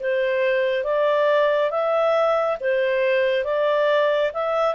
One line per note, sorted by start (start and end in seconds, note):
0.00 0.84 C5
0.84 1.71 D5
1.71 2.58 E5
2.60 3.45 C5
3.45 4.32 D5
4.34 4.75 E5